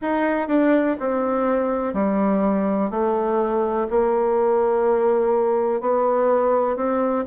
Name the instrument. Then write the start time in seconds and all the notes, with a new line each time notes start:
bassoon
0.01 D#4
0.48 D4
0.99 C4
1.94 G3
2.90 A3
3.89 A#3
5.81 B3
6.76 C4